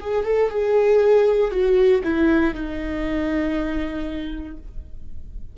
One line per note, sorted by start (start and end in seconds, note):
0.00 0.24 G#4
0.24 0.49 A4
0.49 1.51 G#4
1.51 2.02 F#4
2.03 2.54 E4
2.54 4.57 D#4